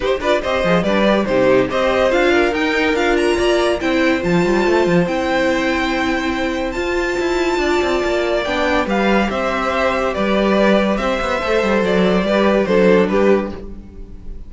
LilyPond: <<
  \new Staff \with { instrumentName = "violin" } { \time 4/4 \tempo 4 = 142 c''8 d''8 dis''4 d''4 c''4 | dis''4 f''4 g''4 f''8 ais''8~ | ais''4 g''4 a''2 | g''1 |
a''1 | g''4 f''4 e''2 | d''2 e''2 | d''2 c''4 b'4 | }
  \new Staff \with { instrumentName = "violin" } { \time 4/4 g'8 b'8 c''4 b'4 g'4 | c''4. ais'2~ ais'8 | d''4 c''2.~ | c''1~ |
c''2 d''2~ | d''4 b'4 c''2 | b'2 c''2~ | c''4 b'4 a'4 g'4 | }
  \new Staff \with { instrumentName = "viola" } { \time 4/4 dis'8 f'8 g'8 gis'8 d'8 g'8 dis'4 | g'4 f'4 dis'4 f'4~ | f'4 e'4 f'2 | e'1 |
f'1 | d'4 g'2.~ | g'2. a'4~ | a'4 g'4 d'2 | }
  \new Staff \with { instrumentName = "cello" } { \time 4/4 dis'8 d'8 c'8 f8 g4 c4 | c'4 d'4 dis'4 d'4 | ais4 c'4 f8 g8 a8 f8 | c'1 |
f'4 e'4 d'8 c'8 ais4 | b4 g4 c'2 | g2 c'8 b8 a8 g8 | fis4 g4 fis4 g4 | }
>>